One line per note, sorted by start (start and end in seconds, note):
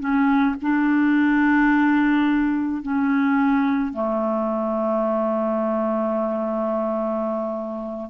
0.00 0.56 C#4
0.62 2.82 D4
2.82 3.93 C#4
3.93 8.10 A3